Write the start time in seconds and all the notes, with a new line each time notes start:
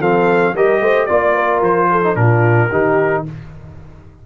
0.00 F3 C4 A4 F5
0.55 G3 G4 A#4 D#5
0.81 A3 C5
1.06 A#3 F4 D5
1.36 A#4
1.61 F3 C5
1.92 A4
2.03 D#4
2.16 A#2 D4 F4 A#4
2.71 D#3 D#4 G4